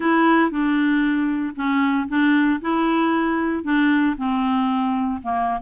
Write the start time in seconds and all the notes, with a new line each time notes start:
0.00 E4
0.50 D4
1.55 C#4
2.08 D4
2.61 E4
3.63 D4
4.17 C4
5.22 A#3